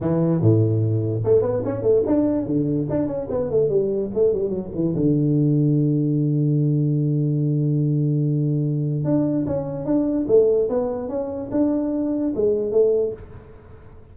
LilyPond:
\new Staff \with { instrumentName = "tuba" } { \time 4/4 \tempo 4 = 146 e4 a,2 a8 b8 | cis'8 a8 d'4 d4 d'8 cis'8 | b8 a8 g4 a8 g8 fis8 e8 | d1~ |
d1~ | d2 d'4 cis'4 | d'4 a4 b4 cis'4 | d'2 gis4 a4 | }